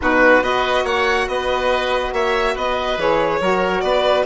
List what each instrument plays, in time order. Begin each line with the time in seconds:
0.01 bassoon B2, saxophone D#4, oboe F#4, violin B4
0.42 bassoon B3, saxophone F#4, oboe B4, violin D#5
0.84 bassoon A#3, oboe C#5, violin F#5
1.27 bassoon B3, oboe B4, violin D#5
2.12 bassoon A#3, oboe C#5, violin E5
2.55 bassoon B3, oboe B4, violin D#5
2.97 bassoon E3, saxophone G#4, violin C#5
3.40 bassoon F#3, saxophone F#4, oboe A#4
3.80 bassoon B3, oboe B4, violin D5